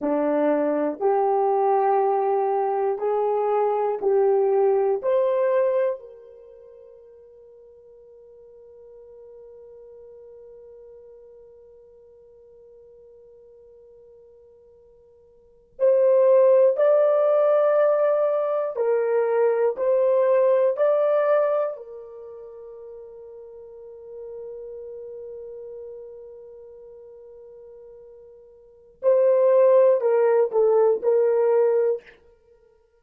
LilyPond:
\new Staff \with { instrumentName = "horn" } { \time 4/4 \tempo 4 = 60 d'4 g'2 gis'4 | g'4 c''4 ais'2~ | ais'1~ | ais'2.~ ais'8. c''16~ |
c''8. d''2 ais'4 c''16~ | c''8. d''4 ais'2~ ais'16~ | ais'1~ | ais'4 c''4 ais'8 a'8 ais'4 | }